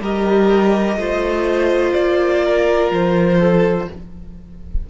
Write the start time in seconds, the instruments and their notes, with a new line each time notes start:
0.00 cello G3, viola G4, violin A#4 D#5
0.96 cello A3, viola F4, violin C5
1.93 cello A#3, violin D5
2.44 violin A#4
2.91 cello F3, violin C5
3.39 violin A4